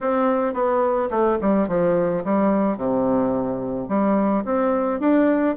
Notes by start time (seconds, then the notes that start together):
0.00 C4
0.53 B3
1.10 A3
1.41 G3
1.67 F3
2.24 G3
2.77 C3
3.88 G3
4.44 C4
5.00 D4